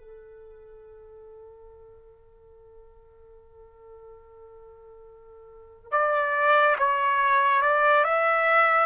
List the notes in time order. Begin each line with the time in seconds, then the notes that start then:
0.00 A4
5.92 D5
6.78 C#5
7.62 D5
8.04 E5